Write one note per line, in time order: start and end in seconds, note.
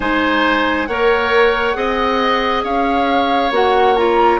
0.00 0.87 G#3
0.00 0.87 D#4
0.00 0.88 C5
0.00 0.86 G#5
0.86 1.75 A#3
0.86 1.74 A#4
0.86 1.76 C#5
0.86 2.62 F#5
1.74 2.63 C4
1.74 3.50 G#4
1.74 2.63 D#5
2.63 3.51 C#4
2.63 4.40 C#5
2.63 3.52 F5
3.51 4.39 A#3
3.51 3.96 F#4
3.51 3.96 F#5
3.96 4.40 F4
3.96 4.40 A#5